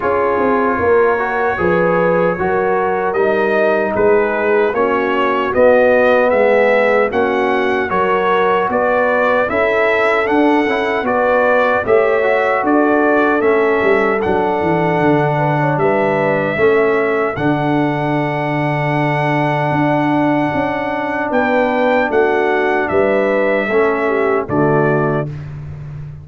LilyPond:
<<
  \new Staff \with { instrumentName = "trumpet" } { \time 4/4 \tempo 4 = 76 cis''1 | dis''4 b'4 cis''4 dis''4 | e''4 fis''4 cis''4 d''4 | e''4 fis''4 d''4 e''4 |
d''4 e''4 fis''2 | e''2 fis''2~ | fis''2. g''4 | fis''4 e''2 d''4 | }
  \new Staff \with { instrumentName = "horn" } { \time 4/4 gis'4 ais'4 b'4 ais'4~ | ais'4 gis'4 fis'2 | gis'4 fis'4 ais'4 b'4 | a'2 b'4 cis''4 |
a'2.~ a'8 b'16 cis''16 | b'4 a'2.~ | a'2. b'4 | fis'4 b'4 a'8 g'8 fis'4 | }
  \new Staff \with { instrumentName = "trombone" } { \time 4/4 f'4. fis'8 gis'4 fis'4 | dis'2 cis'4 b4~ | b4 cis'4 fis'2 | e'4 d'8 e'8 fis'4 g'8 fis'8~ |
fis'4 cis'4 d'2~ | d'4 cis'4 d'2~ | d'1~ | d'2 cis'4 a4 | }
  \new Staff \with { instrumentName = "tuba" } { \time 4/4 cis'8 c'8 ais4 f4 fis4 | g4 gis4 ais4 b4 | gis4 ais4 fis4 b4 | cis'4 d'8 cis'8 b4 a4 |
d'4 a8 g8 fis8 e8 d4 | g4 a4 d2~ | d4 d'4 cis'4 b4 | a4 g4 a4 d4 | }
>>